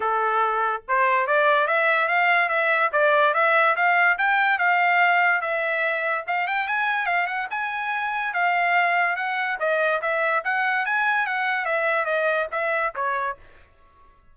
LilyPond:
\new Staff \with { instrumentName = "trumpet" } { \time 4/4 \tempo 4 = 144 a'2 c''4 d''4 | e''4 f''4 e''4 d''4 | e''4 f''4 g''4 f''4~ | f''4 e''2 f''8 g''8 |
gis''4 f''8 fis''8 gis''2 | f''2 fis''4 dis''4 | e''4 fis''4 gis''4 fis''4 | e''4 dis''4 e''4 cis''4 | }